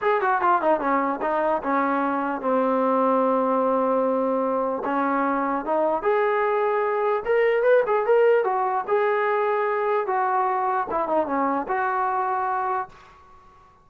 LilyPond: \new Staff \with { instrumentName = "trombone" } { \time 4/4 \tempo 4 = 149 gis'8 fis'8 f'8 dis'8 cis'4 dis'4 | cis'2 c'2~ | c'1 | cis'2 dis'4 gis'4~ |
gis'2 ais'4 b'8 gis'8 | ais'4 fis'4 gis'2~ | gis'4 fis'2 e'8 dis'8 | cis'4 fis'2. | }